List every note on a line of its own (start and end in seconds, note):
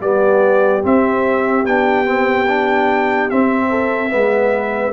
0.00 0.82 G3
0.00 0.82 B3
0.00 3.69 G4
0.00 0.83 D5
0.82 1.64 C4
0.82 1.66 C4
0.82 1.65 E5
1.65 3.30 B3
1.65 2.05 D4
1.65 3.29 G5
2.05 2.46 C4
2.48 3.30 D4
3.29 4.09 C4
3.29 4.13 C4
3.29 4.92 E5
3.69 4.10 A4
4.09 4.92 G#3
4.09 4.91 B3
4.09 4.92 B4